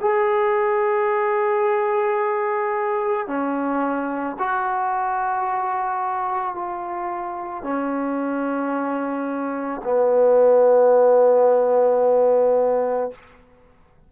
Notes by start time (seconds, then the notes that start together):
0.00 G#4
3.27 C#4
4.38 F#4
6.55 F4
7.63 C#4
9.84 B3